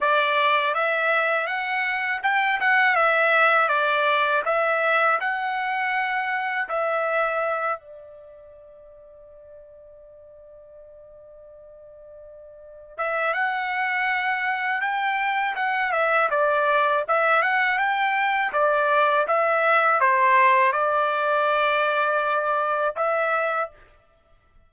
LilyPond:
\new Staff \with { instrumentName = "trumpet" } { \time 4/4 \tempo 4 = 81 d''4 e''4 fis''4 g''8 fis''8 | e''4 d''4 e''4 fis''4~ | fis''4 e''4. d''4.~ | d''1~ |
d''4. e''8 fis''2 | g''4 fis''8 e''8 d''4 e''8 fis''8 | g''4 d''4 e''4 c''4 | d''2. e''4 | }